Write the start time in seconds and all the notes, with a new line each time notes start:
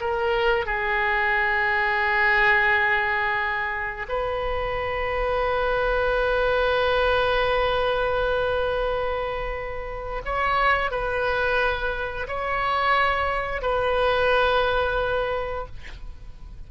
0.00 A#4
0.65 G#4
4.08 B4
10.25 C#5
10.90 B4
12.28 C#5
13.61 B4